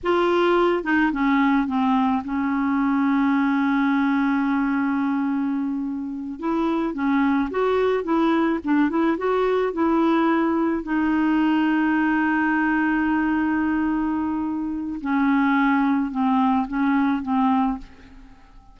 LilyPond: \new Staff \with { instrumentName = "clarinet" } { \time 4/4 \tempo 4 = 108 f'4. dis'8 cis'4 c'4 | cis'1~ | cis'2.~ cis'8 e'8~ | e'8 cis'4 fis'4 e'4 d'8 |
e'8 fis'4 e'2 dis'8~ | dis'1~ | dis'2. cis'4~ | cis'4 c'4 cis'4 c'4 | }